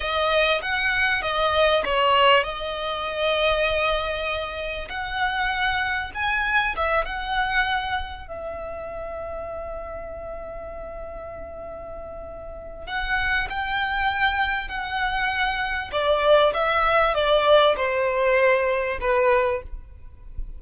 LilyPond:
\new Staff \with { instrumentName = "violin" } { \time 4/4 \tempo 4 = 98 dis''4 fis''4 dis''4 cis''4 | dis''1 | fis''2 gis''4 e''8 fis''8~ | fis''4. e''2~ e''8~ |
e''1~ | e''4 fis''4 g''2 | fis''2 d''4 e''4 | d''4 c''2 b'4 | }